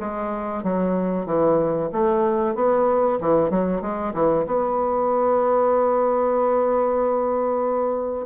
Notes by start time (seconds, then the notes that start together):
0.00 G#3
0.64 F#3
1.26 E3
1.93 A3
2.55 B3
3.21 E3
3.50 F#3
3.82 G#3
4.14 E3
4.47 B3